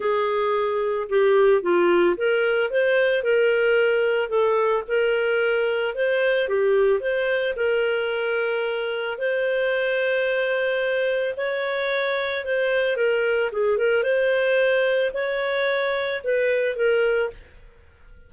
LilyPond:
\new Staff \with { instrumentName = "clarinet" } { \time 4/4 \tempo 4 = 111 gis'2 g'4 f'4 | ais'4 c''4 ais'2 | a'4 ais'2 c''4 | g'4 c''4 ais'2~ |
ais'4 c''2.~ | c''4 cis''2 c''4 | ais'4 gis'8 ais'8 c''2 | cis''2 b'4 ais'4 | }